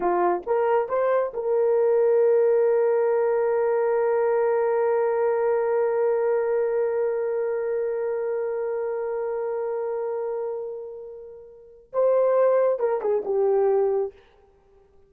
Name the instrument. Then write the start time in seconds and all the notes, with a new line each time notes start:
horn
0.00 F4
0.46 A#4
0.88 C5
1.33 A#4
11.92 C5
12.79 A#4
13.01 G#4
13.24 G4